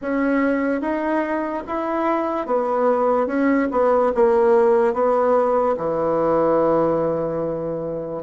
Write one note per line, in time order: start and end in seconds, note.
0.01 0.81 C#4
0.81 1.63 D#4
1.67 2.46 E4
2.46 3.27 B3
3.27 3.68 C#4
3.71 4.12 B3
4.15 4.93 A#3
4.93 5.75 B3
5.77 8.22 E3